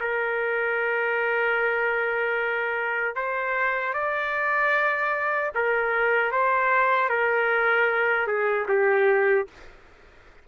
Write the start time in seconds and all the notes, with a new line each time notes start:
0.00 A#4
3.15 C5
3.93 D5
5.54 A#4
6.31 C5
7.09 A#4
8.27 G#4
8.68 G4